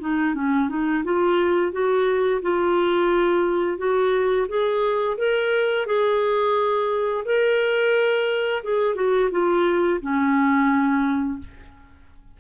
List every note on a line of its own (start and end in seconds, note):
0.00 0.34 D#4
0.34 0.69 C#4
0.69 1.04 D#4
1.04 1.72 F4
1.72 2.41 F#4
2.42 3.78 F4
3.78 4.47 F#4
4.48 5.17 G#4
5.17 5.86 A#4
5.86 7.24 G#4
7.25 8.63 A#4
8.63 8.95 G#4
8.95 9.29 F#4
9.31 10.00 F4
10.01 11.39 C#4